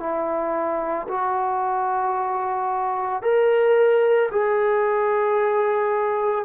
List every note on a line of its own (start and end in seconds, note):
0.00 1.07 E4
1.08 3.22 F#4
3.22 4.30 A#4
4.31 6.45 G#4